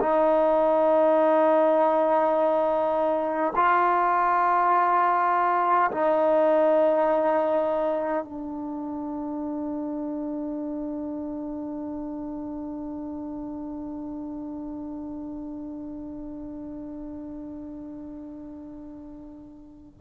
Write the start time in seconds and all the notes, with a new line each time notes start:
0.00 D#4
3.56 F4
5.91 D#4
8.24 D4